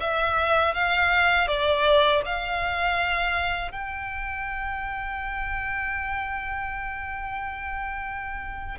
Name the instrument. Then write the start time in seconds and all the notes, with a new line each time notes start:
violin
0.00 E5
0.74 F5
1.47 D5
2.25 F5
3.71 G5